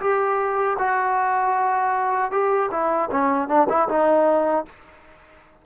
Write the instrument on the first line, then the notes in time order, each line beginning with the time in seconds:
trombone
0.00 G4
0.78 F#4
2.31 G4
2.71 E4
3.11 C#4
3.48 D4
3.69 E4
3.88 D#4